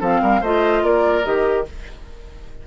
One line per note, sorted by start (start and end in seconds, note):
0.00 0.21 F3
0.00 0.42 C4
0.00 0.21 A4
0.00 0.43 F5
0.21 0.41 G3
0.21 0.41 A#4
0.41 0.83 A3
0.41 1.23 F4
0.41 0.82 C5
0.41 0.84 D#5
0.83 1.24 A#3
0.83 1.66 A#4
0.83 1.25 D5
1.23 1.67 D#3
1.23 1.65 G4
1.23 1.66 D#5